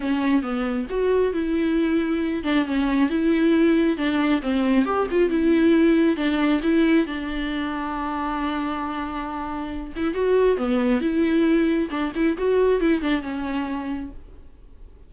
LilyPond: \new Staff \with { instrumentName = "viola" } { \time 4/4 \tempo 4 = 136 cis'4 b4 fis'4 e'4~ | e'4. d'8 cis'4 e'4~ | e'4 d'4 c'4 g'8 f'8 | e'2 d'4 e'4 |
d'1~ | d'2~ d'8 e'8 fis'4 | b4 e'2 d'8 e'8 | fis'4 e'8 d'8 cis'2 | }